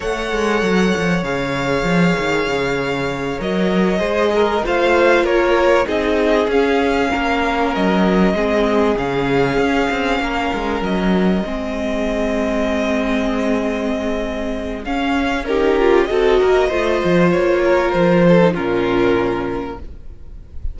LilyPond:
<<
  \new Staff \with { instrumentName = "violin" } { \time 4/4 \tempo 4 = 97 fis''2 f''2~ | f''4. dis''2 f''8~ | f''8 cis''4 dis''4 f''4.~ | f''8 dis''2 f''4.~ |
f''4. dis''2~ dis''8~ | dis''1 | f''4 ais'4 dis''2 | cis''4 c''4 ais'2 | }
  \new Staff \with { instrumentName = "violin" } { \time 4/4 cis''1~ | cis''2~ cis''8 c''8 ais'8 c''8~ | c''8 ais'4 gis'2 ais'8~ | ais'4. gis'2~ gis'8~ |
gis'8 ais'2 gis'4.~ | gis'1~ | gis'4 g'4 a'8 ais'8 c''4~ | c''8 ais'4 a'8 f'2 | }
  \new Staff \with { instrumentName = "viola" } { \time 4/4 a'2 gis'2~ | gis'4. ais'4 gis'4 f'8~ | f'4. dis'4 cis'4.~ | cis'4. c'4 cis'4.~ |
cis'2~ cis'8 c'4.~ | c'1 | cis'4 dis'8 f'8 fis'4 f'4~ | f'4.~ f'16 dis'16 cis'2 | }
  \new Staff \with { instrumentName = "cello" } { \time 4/4 a8 gis8 fis8 f8 cis4 f8 dis8 | cis4. fis4 gis4 a8~ | a8 ais4 c'4 cis'4 ais8~ | ais8 fis4 gis4 cis4 cis'8 |
c'8 ais8 gis8 fis4 gis4.~ | gis1 | cis'2 c'8 ais8 a8 f8 | ais4 f4 ais,2 | }
>>